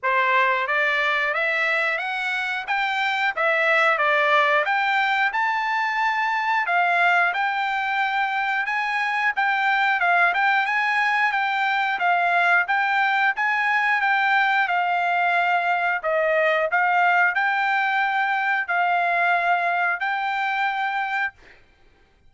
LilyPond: \new Staff \with { instrumentName = "trumpet" } { \time 4/4 \tempo 4 = 90 c''4 d''4 e''4 fis''4 | g''4 e''4 d''4 g''4 | a''2 f''4 g''4~ | g''4 gis''4 g''4 f''8 g''8 |
gis''4 g''4 f''4 g''4 | gis''4 g''4 f''2 | dis''4 f''4 g''2 | f''2 g''2 | }